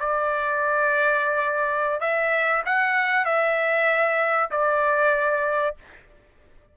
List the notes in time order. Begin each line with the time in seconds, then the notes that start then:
0.00 D5
2.01 E5
2.66 F#5
3.26 E5
4.51 D5